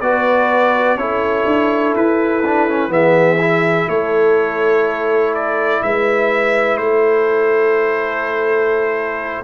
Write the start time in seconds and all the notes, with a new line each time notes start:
0.00 B3 F#4 B4 D5
0.95 C#4 E4 A4 C#5
1.45 D4
1.95 E4 B4
2.45 D4
2.68 C#4
2.88 E3 B3 G#4 E5
3.40 E4
3.88 A3 A4 C#5
5.34 D5
5.82 G#3 B4 E5
6.77 A3 A4 C5